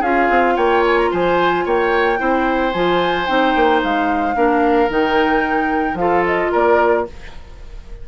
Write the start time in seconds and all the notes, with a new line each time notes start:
0.00 C#4 F4 G#4 F5
0.30 C4
0.57 A#3 C#5 G5
0.86 G#5
0.98 A#5
1.11 F3 C5 G#5
1.65 A#3 C#5 G5
2.18 C4 E4 C5
2.73 F3 F4 G#5
3.27 C4 D#4 G5
3.56 A#3
3.84 G#3 F5
4.35 A#3 D4 A#4
4.90 D#3 D#4 G5
5.95 F3 F4 F5
6.01 A4
6.26 D#5
6.52 A#3 A#4 D5